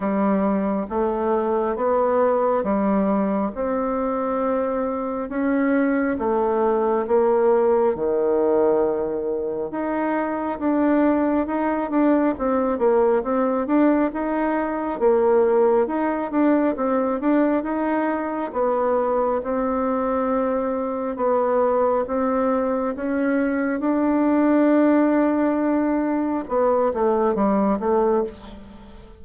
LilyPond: \new Staff \with { instrumentName = "bassoon" } { \time 4/4 \tempo 4 = 68 g4 a4 b4 g4 | c'2 cis'4 a4 | ais4 dis2 dis'4 | d'4 dis'8 d'8 c'8 ais8 c'8 d'8 |
dis'4 ais4 dis'8 d'8 c'8 d'8 | dis'4 b4 c'2 | b4 c'4 cis'4 d'4~ | d'2 b8 a8 g8 a8 | }